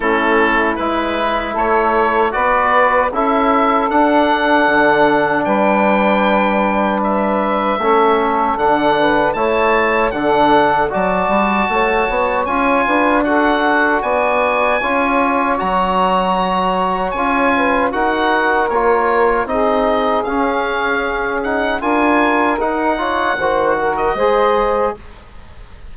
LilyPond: <<
  \new Staff \with { instrumentName = "oboe" } { \time 4/4 \tempo 4 = 77 a'4 b'4 cis''4 d''4 | e''4 fis''2 g''4~ | g''4 e''2 fis''4 | a''4 fis''4 a''2 |
gis''4 fis''4 gis''2 | ais''2 gis''4 fis''4 | cis''4 dis''4 f''4. fis''8 | gis''4 fis''4.~ fis''16 dis''4~ dis''16 | }
  \new Staff \with { instrumentName = "saxophone" } { \time 4/4 e'2 a'4 b'4 | a'2. b'4~ | b'2 a'4. b'8 | cis''4 a'4 d''4 cis''4~ |
cis''8 b'8 a'4 d''4 cis''4~ | cis''2~ cis''8 b'8 ais'4~ | ais'4 gis'2. | ais'4. cis''8 c''8 ais'8 c''4 | }
  \new Staff \with { instrumentName = "trombone" } { \time 4/4 cis'4 e'2 fis'4 | e'4 d'2.~ | d'2 cis'4 d'4 | e'4 d'4 fis'2 |
f'4 fis'2 f'4 | fis'2 f'4 fis'4 | f'4 dis'4 cis'4. dis'8 | f'4 dis'8 f'8 fis'4 gis'4 | }
  \new Staff \with { instrumentName = "bassoon" } { \time 4/4 a4 gis4 a4 b4 | cis'4 d'4 d4 g4~ | g2 a4 d4 | a4 d4 fis8 g8 a8 b8 |
cis'8 d'4. b4 cis'4 | fis2 cis'4 dis'4 | ais4 c'4 cis'2 | d'4 dis'4 dis4 gis4 | }
>>